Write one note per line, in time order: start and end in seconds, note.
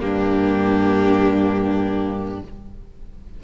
0.00 2.42 G2
0.00 2.40 A#3
0.00 2.44 D4
0.00 2.40 G4